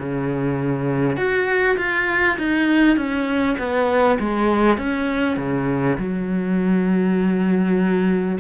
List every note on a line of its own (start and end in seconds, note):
0.00 1.17 C#3
1.17 1.77 F#4
1.78 2.38 F4
2.38 2.97 D#4
2.97 3.57 C#4
3.59 4.19 B3
4.20 4.78 G#3
4.78 5.37 C#4
5.37 5.97 C#3
5.99 8.39 F#3